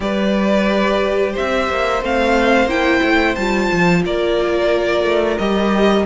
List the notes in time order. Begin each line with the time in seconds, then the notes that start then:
0.00 G3 G4 B4 D5
1.32 C5 E5
1.39 C4
1.69 A#3
2.02 A3 C4 F5
2.66 A#3 E4 G5
3.02 A3
3.35 G3 F4 A5
3.72 F3
4.05 A#3 A#4 D5
5.04 A3
5.37 G3 G4 D#5